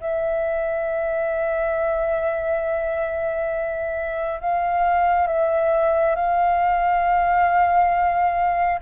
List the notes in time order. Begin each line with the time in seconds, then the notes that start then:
0.00 E5
4.40 F5
5.27 E5
6.15 F5